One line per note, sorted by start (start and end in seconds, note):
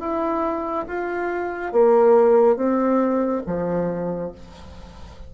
0.00 0.86 E4
0.88 1.73 F4
1.73 2.57 A#3
2.57 3.42 C4
3.46 4.32 F3